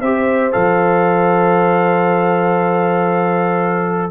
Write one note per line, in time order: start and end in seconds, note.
0.00 0.54 C4
0.00 0.52 G4
0.00 4.10 C5
0.00 0.52 E5
0.52 4.11 F3
0.52 4.11 A4
0.52 4.11 F5